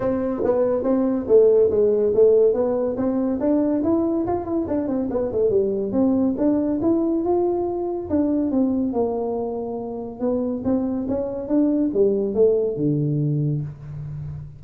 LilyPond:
\new Staff \with { instrumentName = "tuba" } { \time 4/4 \tempo 4 = 141 c'4 b4 c'4 a4 | gis4 a4 b4 c'4 | d'4 e'4 f'8 e'8 d'8 c'8 | b8 a8 g4 c'4 d'4 |
e'4 f'2 d'4 | c'4 ais2. | b4 c'4 cis'4 d'4 | g4 a4 d2 | }